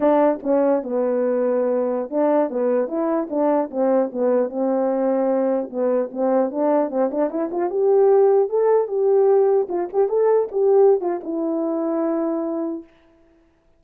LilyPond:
\new Staff \with { instrumentName = "horn" } { \time 4/4 \tempo 4 = 150 d'4 cis'4 b2~ | b4~ b16 d'4 b4 e'8.~ | e'16 d'4 c'4 b4 c'8.~ | c'2~ c'16 b4 c'8.~ |
c'16 d'4 c'8 d'8 e'8 f'8 g'8.~ | g'4~ g'16 a'4 g'4.~ g'16~ | g'16 f'8 g'8 a'4 g'4~ g'16 f'8 | e'1 | }